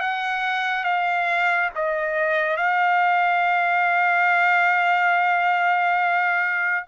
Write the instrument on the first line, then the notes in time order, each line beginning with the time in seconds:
trumpet
0.00 F#5
0.84 F5
1.75 D#5
2.57 F5